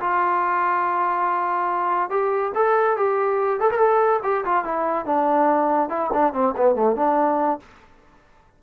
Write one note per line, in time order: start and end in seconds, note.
0.00 2.10 F4
2.10 2.52 G4
2.55 2.97 A4
2.97 3.60 G4
3.60 3.70 A4
3.71 3.78 A#4
3.78 4.20 A4
4.23 4.44 G4
4.45 4.64 F4
4.64 5.06 E4
5.06 5.89 D4
5.89 6.11 E4
6.13 6.33 D4
6.33 6.54 C4
6.57 6.75 B3
6.75 6.96 A3
6.96 7.60 D4